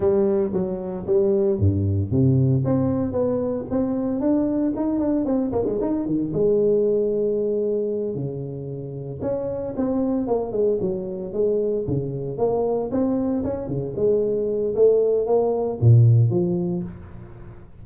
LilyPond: \new Staff \with { instrumentName = "tuba" } { \time 4/4 \tempo 4 = 114 g4 fis4 g4 g,4 | c4 c'4 b4 c'4 | d'4 dis'8 d'8 c'8 ais16 gis16 dis'8 dis8 | gis2.~ gis8 cis8~ |
cis4. cis'4 c'4 ais8 | gis8 fis4 gis4 cis4 ais8~ | ais8 c'4 cis'8 cis8 gis4. | a4 ais4 ais,4 f4 | }